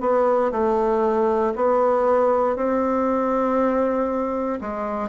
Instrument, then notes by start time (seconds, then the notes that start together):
bassoon
0.00 B3
0.51 A3
1.55 B3
2.56 C4
4.60 G#3